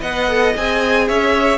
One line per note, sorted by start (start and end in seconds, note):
0.00 0.54 B3
0.00 0.28 B4
0.00 1.04 D#5
0.00 0.54 F#5
0.28 0.55 A4
0.56 1.09 C4
0.56 1.58 G#4
0.56 1.08 G#5
1.07 1.58 C#4
1.07 1.58 C#5
1.07 1.58 E5